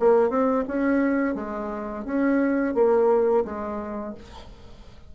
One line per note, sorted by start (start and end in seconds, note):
0.00 0.30 A#3
0.30 0.65 C4
0.68 1.35 C#4
1.35 2.05 G#3
2.05 2.75 C#4
2.75 3.45 A#3
3.45 4.15 G#3